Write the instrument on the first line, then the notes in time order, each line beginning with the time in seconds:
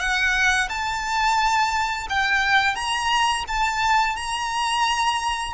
violin
0.00 F#5
0.69 A5
2.10 G5
2.76 A#5
3.48 A5
4.16 A#5